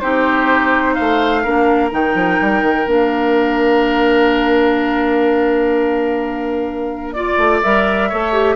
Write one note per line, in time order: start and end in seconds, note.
0.00 0.98 C4
0.00 1.44 D#4
0.00 0.95 G4
0.00 0.94 C5
0.94 1.46 A3
0.94 1.42 C5
0.94 1.89 F5
1.43 1.92 A#3
1.43 1.90 D4
1.43 7.14 A#4
1.90 2.15 D#3
1.90 2.86 D#4
1.90 2.88 G5
2.15 2.38 F3
2.41 2.62 G3
2.62 2.86 D#3
2.86 7.37 A#3
2.86 7.15 D4
2.86 7.12 F5
7.12 7.63 F4
7.12 7.60 D5
7.12 8.09 D5
7.37 7.61 A3
7.63 8.12 G3
7.63 8.11 A#4
7.63 8.55 E5
8.09 8.55 A3
8.09 8.32 A4
8.09 8.55 C#5
8.32 8.55 G4